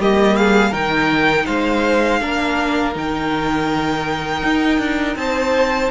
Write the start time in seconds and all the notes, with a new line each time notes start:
0.00 G3 A#3 G4 D#5
0.36 G#4 F5
0.71 D#3 D#4 A#4 G5
1.46 G#3 C5 F5
2.21 A#3 D4 A#4
2.94 D#3 D#4 G5
4.43 D#4
4.79 D4
5.16 C4 C5 A5